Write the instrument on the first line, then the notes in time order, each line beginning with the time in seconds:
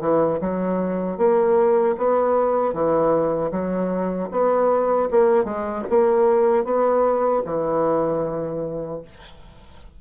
bassoon
0.00 E3
0.40 F#3
1.17 A#3
1.97 B3
2.73 E3
3.51 F#3
4.31 B3
5.10 A#3
5.44 G#3
5.89 A#3
6.64 B3
7.45 E3